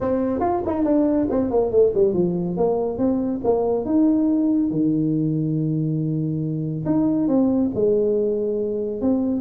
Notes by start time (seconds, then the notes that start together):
0.00 C4
0.40 F4
0.66 D#4
0.84 D4
1.30 C4
1.50 A#3
1.71 A3
1.94 G3
2.13 F3
2.56 A#3
2.98 C4
3.44 A#3
3.85 D#4
4.70 D#3
6.85 D#4
7.28 C4
7.75 G#3
9.01 C4